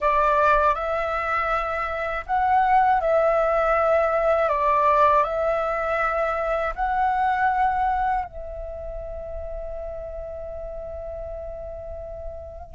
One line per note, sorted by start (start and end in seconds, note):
0.00 0.74 D5
0.74 2.24 E5
2.26 3.00 F#5
3.00 4.49 E5
4.49 5.23 D5
5.23 6.73 E5
6.75 8.25 F#5
8.25 12.74 E5